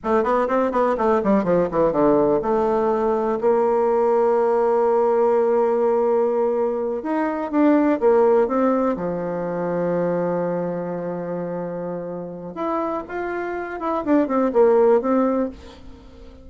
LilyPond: \new Staff \with { instrumentName = "bassoon" } { \time 4/4 \tempo 4 = 124 a8 b8 c'8 b8 a8 g8 f8 e8 | d4 a2 ais4~ | ais1~ | ais2~ ais8 dis'4 d'8~ |
d'8 ais4 c'4 f4.~ | f1~ | f2 e'4 f'4~ | f'8 e'8 d'8 c'8 ais4 c'4 | }